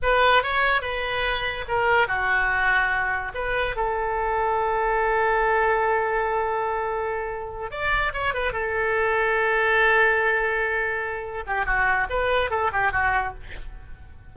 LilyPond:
\new Staff \with { instrumentName = "oboe" } { \time 4/4 \tempo 4 = 144 b'4 cis''4 b'2 | ais'4 fis'2. | b'4 a'2.~ | a'1~ |
a'2~ a'8 d''4 cis''8 | b'8 a'2.~ a'8~ | a'2.~ a'8 g'8 | fis'4 b'4 a'8 g'8 fis'4 | }